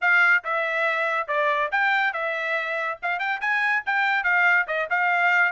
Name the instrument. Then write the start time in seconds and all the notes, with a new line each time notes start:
trumpet
0.01 F5
0.44 E5
1.27 D5
1.71 G5
2.13 E5
3.02 F5
3.19 G5
3.40 G#5
3.85 G5
4.23 F5
4.67 D#5
4.90 F5